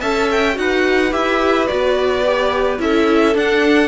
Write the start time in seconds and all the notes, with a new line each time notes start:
0.00 C#4 A4 E5 A5
0.32 G5
0.54 D#4 F#4 F#5
0.61 B4
1.11 E4 G4 E5
1.67 B3 F#4 D5
2.26 G4
2.78 C#4 E4 A4 E5
3.35 D4 F#5